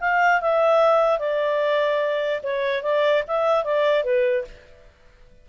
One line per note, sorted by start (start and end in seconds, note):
0.00 0.41 F5
0.41 1.19 E5
1.19 2.41 D5
2.43 2.82 C#5
2.82 3.23 D5
3.27 3.64 E5
3.64 4.04 D5
4.04 4.44 B4